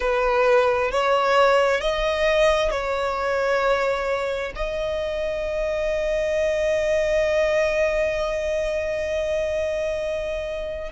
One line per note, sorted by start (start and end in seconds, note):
0.00 0.91 B4
0.91 1.80 C#5
1.80 2.70 D#5
2.70 4.52 C#5
4.55 10.91 D#5